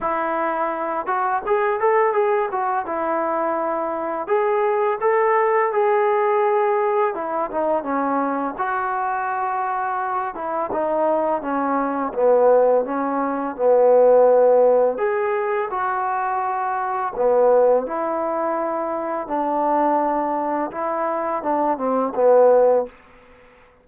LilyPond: \new Staff \with { instrumentName = "trombone" } { \time 4/4 \tempo 4 = 84 e'4. fis'8 gis'8 a'8 gis'8 fis'8 | e'2 gis'4 a'4 | gis'2 e'8 dis'8 cis'4 | fis'2~ fis'8 e'8 dis'4 |
cis'4 b4 cis'4 b4~ | b4 gis'4 fis'2 | b4 e'2 d'4~ | d'4 e'4 d'8 c'8 b4 | }